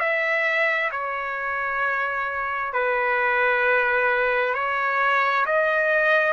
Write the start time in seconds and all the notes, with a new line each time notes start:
0.00 E5
0.91 C#5
2.73 B4
4.55 C#5
5.46 D#5